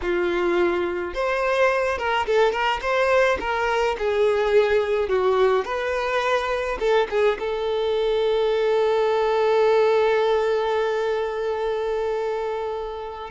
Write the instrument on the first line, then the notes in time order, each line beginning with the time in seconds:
violin
0.01 F4
1.13 C5
1.97 A#4
2.26 A4
2.51 A#4
2.81 C5
3.40 A#4
3.98 G#4
5.08 F#4
5.64 B4
6.79 A4
7.09 G#4
7.39 A4